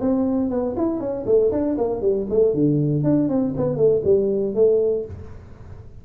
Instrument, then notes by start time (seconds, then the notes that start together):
tuba
0.00 C4
0.50 B3
0.77 E4
0.99 C#4
1.26 A3
1.51 D4
1.77 A#3
2.01 G3
2.29 A3
2.54 D3
3.03 D4
3.28 C4
3.56 B3
3.76 A3
4.04 G3
4.54 A3